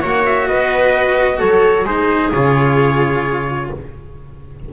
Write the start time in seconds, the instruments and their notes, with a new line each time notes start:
0.00 double bass A#3, cello F#4, viola C#5, trumpet F#5
0.26 trumpet E5
0.48 double bass B3, viola B4, trumpet D#5
1.39 double bass F#3, viola A4, trumpet C#5
1.85 double bass G#3, cello D#4, viola G#4, trumpet C5
2.32 double bass C#3, cello F4, trumpet C#5